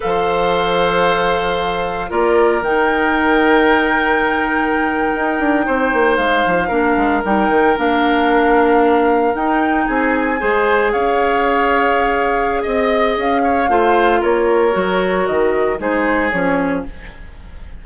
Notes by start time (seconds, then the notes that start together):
0.00 F3 A4 C5 F5
2.09 A#3 F4 A#4 D5
2.62 D#3 D#4 G5
5.15 D#4
5.39 D4
5.66 C4 C5
5.93 A#3
6.16 G#3 F5
6.46 F3
6.68 A#3 D4 A#4
6.96 G#3
7.24 G3 D#4 G5
7.48 D#3
7.76 A#3 D4 F5
9.34 D#4 G5
9.86 C4 G#4 G#5
10.38 G#3 G#4 C5
10.92 C#4 C#5 F5
12.62 C4 D#5
13.17 C#4 F5
13.43 C#5
13.68 A3 F4 C5
14.20 A#3 A#4 C#5
14.71 F#3 F#4
15.26 D#3 D#5
15.78 G#3 D#4 G#4 C5
16.30 F3 C#4 C#5